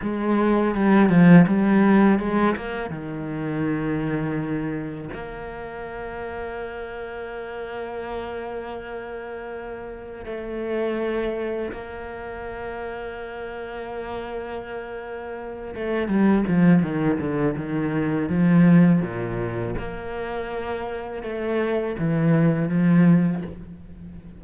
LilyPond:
\new Staff \with { instrumentName = "cello" } { \time 4/4 \tempo 4 = 82 gis4 g8 f8 g4 gis8 ais8 | dis2. ais4~ | ais1~ | ais2 a2 |
ais1~ | ais4. a8 g8 f8 dis8 d8 | dis4 f4 ais,4 ais4~ | ais4 a4 e4 f4 | }